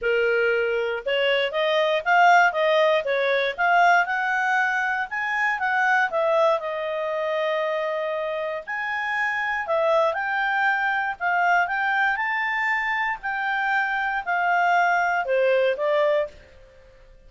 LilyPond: \new Staff \with { instrumentName = "clarinet" } { \time 4/4 \tempo 4 = 118 ais'2 cis''4 dis''4 | f''4 dis''4 cis''4 f''4 | fis''2 gis''4 fis''4 | e''4 dis''2.~ |
dis''4 gis''2 e''4 | g''2 f''4 g''4 | a''2 g''2 | f''2 c''4 d''4 | }